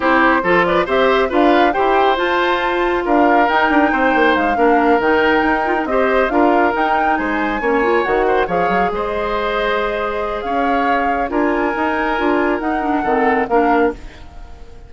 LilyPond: <<
  \new Staff \with { instrumentName = "flute" } { \time 4/4 \tempo 4 = 138 c''4. d''8 e''4 f''4 | g''4 a''2 f''4 | g''2 f''4. g''8~ | g''4. dis''4 f''4 g''8~ |
g''8 gis''2 fis''4 f''8~ | f''8 dis''2.~ dis''8 | f''2 gis''2~ | gis''4 fis''2 f''4 | }
  \new Staff \with { instrumentName = "oboe" } { \time 4/4 g'4 a'8 b'8 c''4 b'4 | c''2. ais'4~ | ais'4 c''4. ais'4.~ | ais'4. c''4 ais'4.~ |
ais'8 c''4 cis''4. c''8 cis''8~ | cis''8 c''2.~ c''8 | cis''2 ais'2~ | ais'2 a'4 ais'4 | }
  \new Staff \with { instrumentName = "clarinet" } { \time 4/4 e'4 f'4 g'4 f'4 | g'4 f'2. | dis'2~ dis'8 d'4 dis'8~ | dis'4 f'16 dis'16 g'4 f'4 dis'8~ |
dis'4. cis'8 f'8 fis'4 gis'8~ | gis'1~ | gis'2 f'4 dis'4 | f'4 dis'8 d'8 c'4 d'4 | }
  \new Staff \with { instrumentName = "bassoon" } { \time 4/4 c'4 f4 c'4 d'4 | e'4 f'2 d'4 | dis'8 d'8 c'8 ais8 gis8 ais4 dis8~ | dis8 dis'4 c'4 d'4 dis'8~ |
dis'8 gis4 ais4 dis4 f8 | fis8 gis2.~ gis8 | cis'2 d'4 dis'4 | d'4 dis'4 dis4 ais4 | }
>>